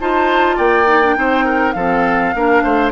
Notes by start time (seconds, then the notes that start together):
0.00 D#4 F4 C5 A5
0.56 A#3 D5 G5
0.86 D#4
1.03 D4
1.16 C4 D#4 C5
1.44 A#4
1.72 F3 C4 A4 F5
2.34 A#3 D4 A#4
2.63 A3 C5